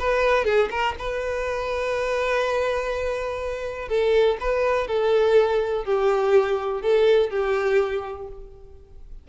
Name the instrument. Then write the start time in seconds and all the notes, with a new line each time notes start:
violin
0.00 B4
0.45 G#4
0.71 A#4
0.99 B4
3.89 A4
4.41 B4
4.88 A4
5.85 G4
6.82 A4
7.31 G4